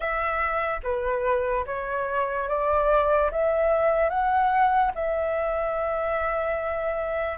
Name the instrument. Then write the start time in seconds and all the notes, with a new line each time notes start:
flute
0.00 E5
0.83 B4
1.66 C#5
2.48 D5
3.31 E5
4.09 F#5
4.94 E5